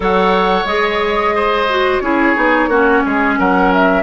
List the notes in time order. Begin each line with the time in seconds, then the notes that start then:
0.00 F#3 A4 C#5 F#5
0.64 G#3 G#4 D#5
1.35 C5
1.69 F#4
1.99 C#4 E4 G#4 C#5
2.35 B3 D#4
2.67 A#3 C#4 F#4
3.05 G#3 G#4
3.38 F#3 A#4 F#5
3.73 E5